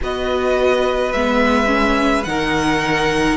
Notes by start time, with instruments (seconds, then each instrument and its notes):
0.01 cello B3, viola F#4, violin B4 D#5
1.12 cello G#3, viola B3, violin E5
1.66 viola C#4
2.23 cello D#3, viola D#4, violin A#4 F#5